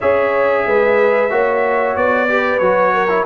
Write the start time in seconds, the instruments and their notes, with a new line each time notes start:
0.00 tuba C#4, trombone G#4, horn C#5, trumpet E5
0.66 tuba G#3, horn B4
1.30 tuba A#3, trombone F#4, horn C#5
1.96 tuba B3, trumpet D5
2.28 trombone G4, horn B4
2.58 tuba F#3, trombone F#4, trumpet C#5
2.93 horn A#4
3.08 trombone E4